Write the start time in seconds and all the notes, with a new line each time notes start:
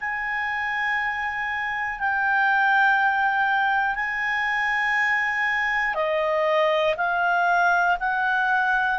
0.00 G#5
1.99 G5
3.95 G#5
5.95 D#5
6.97 F5
8.00 F#5